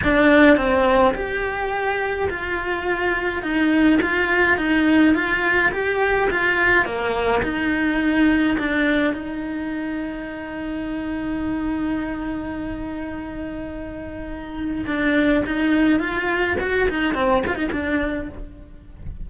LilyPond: \new Staff \with { instrumentName = "cello" } { \time 4/4 \tempo 4 = 105 d'4 c'4 g'2 | f'2 dis'4 f'4 | dis'4 f'4 g'4 f'4 | ais4 dis'2 d'4 |
dis'1~ | dis'1~ | dis'2 d'4 dis'4 | f'4 fis'8 dis'8 c'8 f'16 dis'16 d'4 | }